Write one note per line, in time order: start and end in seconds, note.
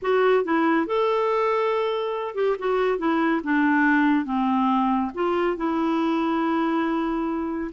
0.02 0.44 F#4
0.44 0.86 E4
0.86 2.34 A4
2.34 2.56 G4
2.58 2.98 F#4
2.98 3.41 E4
3.43 4.25 D4
4.25 5.11 C4
5.14 5.56 F4
5.56 7.71 E4